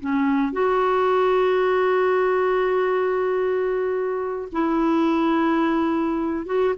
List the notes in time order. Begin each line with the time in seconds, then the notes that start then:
0.00 C#4
0.52 F#4
4.52 E4
6.46 F#4